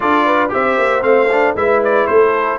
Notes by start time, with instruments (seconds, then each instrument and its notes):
0.00 tuba D4, trombone F4, horn A4, trumpet D5
0.25 horn B4
0.49 tuba C4, trombone G4, horn C5, trumpet E5
0.78 tuba A#3
1.01 tuba A3, trombone C4, trumpet F5
1.31 trombone D4
1.55 tuba G#3, trombone E4, horn B4, trumpet E5
1.84 trumpet D5
2.06 tuba A3, horn A4, trumpet C5